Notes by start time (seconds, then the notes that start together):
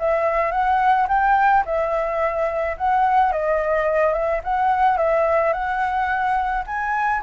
0.00 E5
0.52 F#5
1.09 G5
1.66 E5
2.78 F#5
3.33 D#5
4.14 E5
4.44 F#5
4.98 E5
5.54 F#5
6.67 G#5